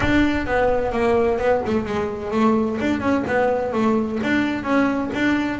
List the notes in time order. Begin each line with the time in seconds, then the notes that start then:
0.00 D4
0.46 B3
0.92 A#3
1.38 B3
1.66 A3
1.85 G#3
2.31 A3
2.81 D4
3.00 C#4
3.27 B3
3.72 A3
4.23 D4
4.63 C#4
5.14 D4